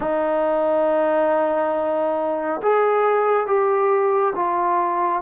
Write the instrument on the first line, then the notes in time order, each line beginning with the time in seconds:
trombone
0.00 D#4
2.62 G#4
3.46 G4
4.35 F4